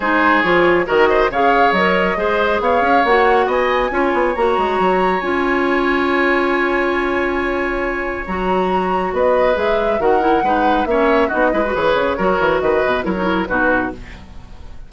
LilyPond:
<<
  \new Staff \with { instrumentName = "flute" } { \time 4/4 \tempo 4 = 138 c''4 cis''4 dis''4 f''4 | dis''2 f''4 fis''4 | gis''2 ais''2 | gis''1~ |
gis''2. ais''4~ | ais''4 dis''4 e''4 fis''4~ | fis''4 e''4 dis''4 cis''4~ | cis''4 dis''4 cis''4 b'4 | }
  \new Staff \with { instrumentName = "oboe" } { \time 4/4 gis'2 ais'8 c''8 cis''4~ | cis''4 c''4 cis''2 | dis''4 cis''2.~ | cis''1~ |
cis''1~ | cis''4 b'2 ais'4 | b'4 cis''4 fis'8 b'4. | ais'4 b'4 ais'4 fis'4 | }
  \new Staff \with { instrumentName = "clarinet" } { \time 4/4 dis'4 f'4 fis'4 gis'4 | ais'4 gis'2 fis'4~ | fis'4 f'4 fis'2 | f'1~ |
f'2. fis'4~ | fis'2 gis'4 fis'8 e'8 | dis'4 cis'4 dis'8 e'16 fis'16 gis'4 | fis'2 e'16 dis'16 e'8 dis'4 | }
  \new Staff \with { instrumentName = "bassoon" } { \time 4/4 gis4 f4 dis4 cis4 | fis4 gis4 b8 cis'8 ais4 | b4 cis'8 b8 ais8 gis8 fis4 | cis'1~ |
cis'2. fis4~ | fis4 b4 gis4 dis4 | gis4 ais4 b8 gis8 e8 cis8 | fis8 e8 dis8 b,8 fis4 b,4 | }
>>